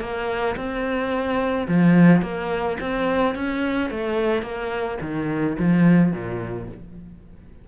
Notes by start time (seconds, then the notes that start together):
0.00 A#3
0.56 C4
1.67 F3
2.22 A#3
2.80 C4
3.35 C#4
3.90 A3
4.42 A#3
5.01 D#3
5.59 F3
6.12 A#2